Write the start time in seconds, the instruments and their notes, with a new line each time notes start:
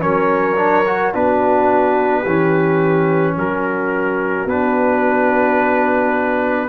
0.00 tuba F#3, trombone C#4, horn A#4, trumpet C#5
0.56 trombone D4
0.86 trombone F#4
1.13 tuba B3, trombone D4, horn F#4, trumpet B4
2.21 tuba E3, trombone C#4, horn G4
3.36 tuba F#3, horn F#4, trumpet A#4
4.45 tuba B3, trombone D4, trumpet B4